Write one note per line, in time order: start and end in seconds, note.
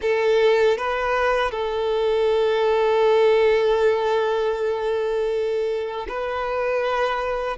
0.01 0.77 A4
0.77 1.51 B4
1.51 6.07 A4
6.08 7.57 B4